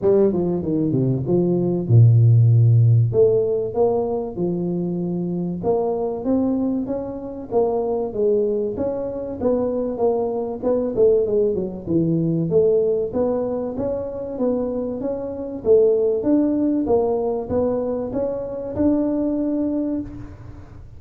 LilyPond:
\new Staff \with { instrumentName = "tuba" } { \time 4/4 \tempo 4 = 96 g8 f8 dis8 c8 f4 ais,4~ | ais,4 a4 ais4 f4~ | f4 ais4 c'4 cis'4 | ais4 gis4 cis'4 b4 |
ais4 b8 a8 gis8 fis8 e4 | a4 b4 cis'4 b4 | cis'4 a4 d'4 ais4 | b4 cis'4 d'2 | }